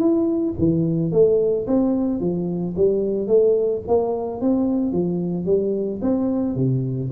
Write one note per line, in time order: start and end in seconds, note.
0.00 0.55 E4
0.59 1.12 E3
1.12 1.67 A3
1.67 2.20 C4
2.20 2.75 F3
2.77 3.28 G3
3.28 3.82 A3
3.88 4.41 A#3
4.41 4.93 C4
4.93 5.46 F3
5.46 6.00 G3
6.02 6.56 C4
6.56 7.11 C3